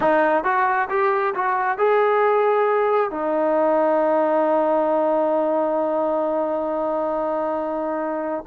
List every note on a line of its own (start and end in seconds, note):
0.00 0.43 D#4
0.43 0.88 F#4
0.89 1.34 G4
1.34 1.78 F#4
1.78 3.10 G#4
3.10 8.44 D#4